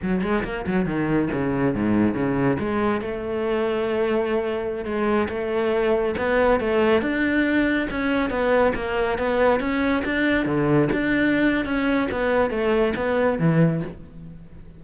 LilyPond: \new Staff \with { instrumentName = "cello" } { \time 4/4 \tempo 4 = 139 fis8 gis8 ais8 fis8 dis4 cis4 | gis,4 cis4 gis4 a4~ | a2.~ a16 gis8.~ | gis16 a2 b4 a8.~ |
a16 d'2 cis'4 b8.~ | b16 ais4 b4 cis'4 d'8.~ | d'16 d4 d'4.~ d'16 cis'4 | b4 a4 b4 e4 | }